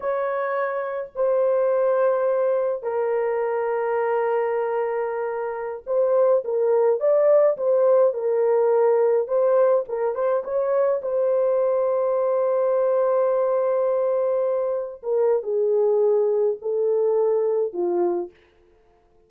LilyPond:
\new Staff \with { instrumentName = "horn" } { \time 4/4 \tempo 4 = 105 cis''2 c''2~ | c''4 ais'2.~ | ais'2~ ais'16 c''4 ais'8.~ | ais'16 d''4 c''4 ais'4.~ ais'16~ |
ais'16 c''4 ais'8 c''8 cis''4 c''8.~ | c''1~ | c''2~ c''16 ais'8. gis'4~ | gis'4 a'2 f'4 | }